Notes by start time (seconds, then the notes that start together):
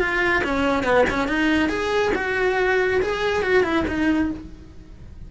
0.00 F4
0.44 C#4
0.84 B3
1.10 C#4
1.28 D#4
1.69 G#4
2.15 F#4
3.02 G#4
3.43 F#4
3.64 E4
3.88 D#4